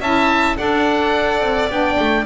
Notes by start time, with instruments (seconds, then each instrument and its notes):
0.00 double bass C#4, saxophone E4, violin E5, oboe A5
0.57 double bass D4, saxophone A4, violin D5, oboe F#5
1.41 double bass C4
1.69 double bass B3, saxophone D4, oboe G5
1.99 double bass A3